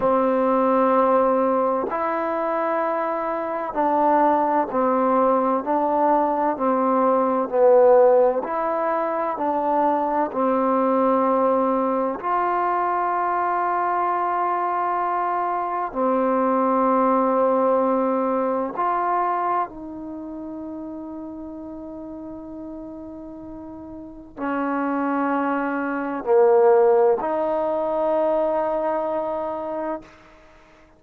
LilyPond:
\new Staff \with { instrumentName = "trombone" } { \time 4/4 \tempo 4 = 64 c'2 e'2 | d'4 c'4 d'4 c'4 | b4 e'4 d'4 c'4~ | c'4 f'2.~ |
f'4 c'2. | f'4 dis'2.~ | dis'2 cis'2 | ais4 dis'2. | }